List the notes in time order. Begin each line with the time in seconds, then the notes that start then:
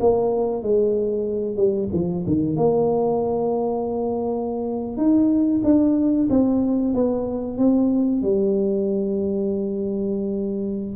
0.00 A#3
0.62 G#3
1.56 G3
1.92 F3
2.26 D#3
2.56 A#3
4.96 D#4
5.63 D4
6.30 C4
6.94 B3
7.57 C4
8.22 G3